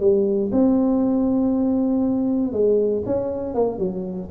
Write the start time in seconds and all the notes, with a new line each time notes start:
0.00 G3
0.52 C4
2.52 G#3
3.05 C#4
3.54 A#3
3.78 F#3